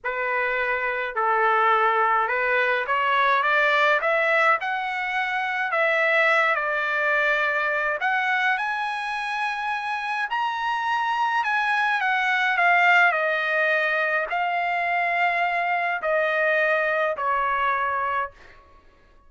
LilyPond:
\new Staff \with { instrumentName = "trumpet" } { \time 4/4 \tempo 4 = 105 b'2 a'2 | b'4 cis''4 d''4 e''4 | fis''2 e''4. d''8~ | d''2 fis''4 gis''4~ |
gis''2 ais''2 | gis''4 fis''4 f''4 dis''4~ | dis''4 f''2. | dis''2 cis''2 | }